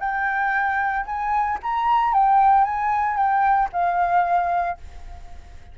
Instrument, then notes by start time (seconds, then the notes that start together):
flute
0.00 G5
1.06 G#5
1.63 A#5
2.13 G5
2.64 G#5
3.17 G5
3.72 F5